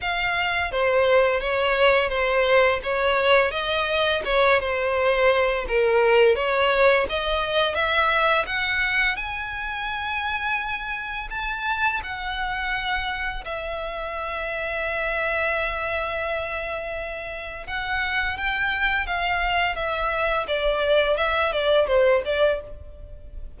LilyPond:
\new Staff \with { instrumentName = "violin" } { \time 4/4 \tempo 4 = 85 f''4 c''4 cis''4 c''4 | cis''4 dis''4 cis''8 c''4. | ais'4 cis''4 dis''4 e''4 | fis''4 gis''2. |
a''4 fis''2 e''4~ | e''1~ | e''4 fis''4 g''4 f''4 | e''4 d''4 e''8 d''8 c''8 d''8 | }